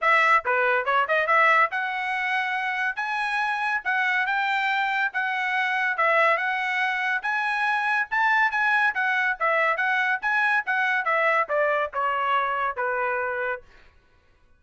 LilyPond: \new Staff \with { instrumentName = "trumpet" } { \time 4/4 \tempo 4 = 141 e''4 b'4 cis''8 dis''8 e''4 | fis''2. gis''4~ | gis''4 fis''4 g''2 | fis''2 e''4 fis''4~ |
fis''4 gis''2 a''4 | gis''4 fis''4 e''4 fis''4 | gis''4 fis''4 e''4 d''4 | cis''2 b'2 | }